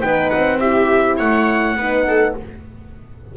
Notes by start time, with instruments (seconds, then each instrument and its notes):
0.00 double bass B3, horn D#4, viola B4, trumpet G5
0.30 double bass C4, trumpet F#5
0.59 horn E4, viola G4, trumpet E5
1.17 double bass A3, viola C#5, trumpet F#5
1.75 double bass B3, horn D#4, viola B4
2.07 viola A4